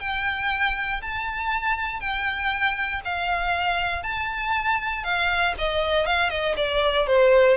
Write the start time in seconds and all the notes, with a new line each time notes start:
0.00 G5
1.02 A5
2.00 G5
3.04 F5
4.03 A5
5.04 F5
5.58 D#5
6.06 F5
6.30 D#5
6.56 D5
7.07 C5